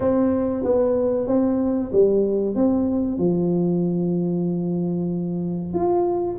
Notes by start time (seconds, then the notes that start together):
0.00 C4
0.63 B3
1.27 C4
1.91 G3
2.55 C4
3.18 F3
5.73 F4